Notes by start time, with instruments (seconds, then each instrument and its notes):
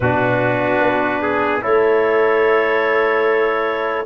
0.00 tuba B2, trombone D4, trumpet F#4, clarinet B4
0.80 tuba B3
1.21 trumpet G#4
1.61 tuba A3, trombone E4, trumpet A4, clarinet C#5